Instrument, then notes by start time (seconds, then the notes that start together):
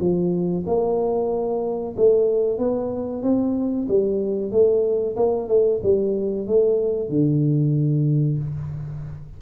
tuba
0.00 F3
0.67 A#3
1.97 A3
2.58 B3
3.23 C4
3.89 G3
4.52 A3
5.17 A#3
5.49 A3
5.83 G3
6.47 A3
7.09 D3